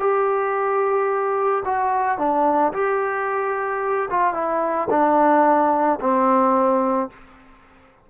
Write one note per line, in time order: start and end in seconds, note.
0.00 1.64 G4
1.65 2.18 F#4
2.18 2.73 D4
2.73 4.09 G4
4.11 4.34 F4
4.34 4.89 E4
4.90 6.00 D4
6.01 7.10 C4